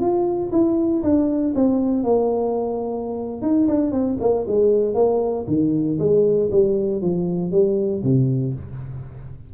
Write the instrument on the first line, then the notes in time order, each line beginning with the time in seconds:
tuba
0.00 F4
0.52 E4
1.03 D4
1.55 C4
2.04 A#3
3.42 D#4
3.68 D4
3.92 C4
4.21 A#3
4.48 G#3
4.95 A#3
5.48 D#3
5.99 G#3
6.51 G3
7.02 F3
7.52 G3
8.03 C3